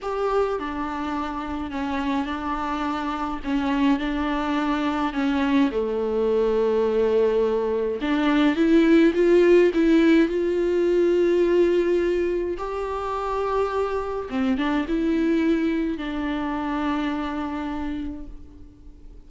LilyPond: \new Staff \with { instrumentName = "viola" } { \time 4/4 \tempo 4 = 105 g'4 d'2 cis'4 | d'2 cis'4 d'4~ | d'4 cis'4 a2~ | a2 d'4 e'4 |
f'4 e'4 f'2~ | f'2 g'2~ | g'4 c'8 d'8 e'2 | d'1 | }